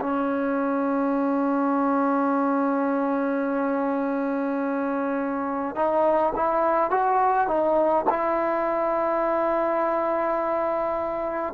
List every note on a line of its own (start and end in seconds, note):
0.00 5.75 C#4
5.75 6.33 D#4
6.35 6.90 E4
6.90 7.47 F#4
7.47 8.05 D#4
8.09 11.54 E4